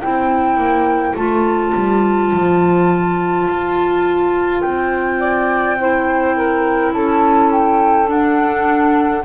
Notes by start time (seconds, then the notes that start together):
0.00 C4 E4 C5 G5
0.57 A#3
1.15 A3 F4 A5
1.74 G3
2.33 F3
3.48 F4
4.61 C4 G5
5.19 D5
5.80 E4 C5
6.35 A#4
6.93 C#4 A4 A5
7.51 G5
8.07 D4 F#5